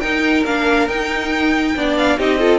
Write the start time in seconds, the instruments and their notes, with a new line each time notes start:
0.00 viola D#4, cello D#4, violin A#4 G5
0.44 cello A#3, viola D4, violin F5
0.88 cello D#4, viola D#4, violin G5
1.76 cello B3, viola D4, violin D5
1.97 violin F5
2.18 cello C4, viola D#4, violin G4 D#5
2.39 viola F4, violin A4